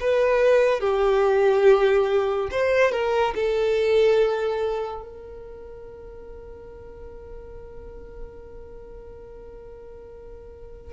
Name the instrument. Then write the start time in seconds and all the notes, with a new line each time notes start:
violin
0.00 B4
0.80 G4
2.51 C5
2.92 A#4
3.35 A4
5.02 A#4